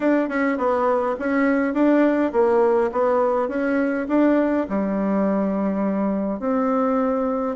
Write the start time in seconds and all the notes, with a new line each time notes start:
0.00 D4
0.29 C#4
0.57 B3
1.19 C#4
1.73 D4
2.32 A#3
2.92 B3
3.48 C#4
4.08 D4
4.69 G3
6.39 C4